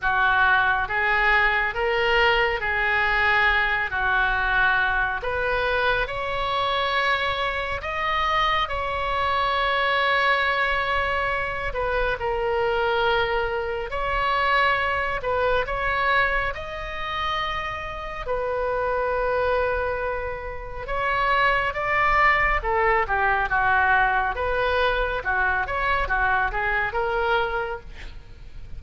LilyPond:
\new Staff \with { instrumentName = "oboe" } { \time 4/4 \tempo 4 = 69 fis'4 gis'4 ais'4 gis'4~ | gis'8 fis'4. b'4 cis''4~ | cis''4 dis''4 cis''2~ | cis''4. b'8 ais'2 |
cis''4. b'8 cis''4 dis''4~ | dis''4 b'2. | cis''4 d''4 a'8 g'8 fis'4 | b'4 fis'8 cis''8 fis'8 gis'8 ais'4 | }